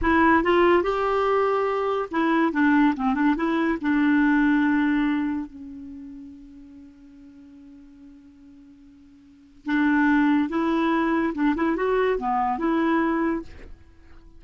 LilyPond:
\new Staff \with { instrumentName = "clarinet" } { \time 4/4 \tempo 4 = 143 e'4 f'4 g'2~ | g'4 e'4 d'4 c'8 d'8 | e'4 d'2.~ | d'4 cis'2.~ |
cis'1~ | cis'2. d'4~ | d'4 e'2 d'8 e'8 | fis'4 b4 e'2 | }